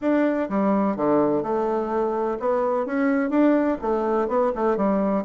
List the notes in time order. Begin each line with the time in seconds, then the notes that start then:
0.01 D4
0.49 G3
0.96 D3
1.42 A3
2.39 B3
2.85 C#4
3.29 D4
3.81 A3
4.28 B3
4.55 A3
4.76 G3